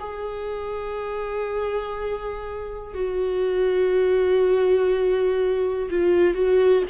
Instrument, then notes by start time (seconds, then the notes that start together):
viola
0.00 G#4
2.95 F#4
5.91 F4
6.34 F#4